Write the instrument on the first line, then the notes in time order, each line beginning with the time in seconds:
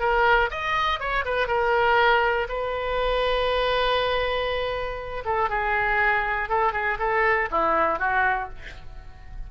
oboe
0.00 A#4
0.51 D#5
1.00 C#5
1.25 B4
1.48 A#4
2.49 B4
5.25 A4
5.50 G#4
6.49 A4
6.73 G#4
6.99 A4
7.51 E4
7.99 F#4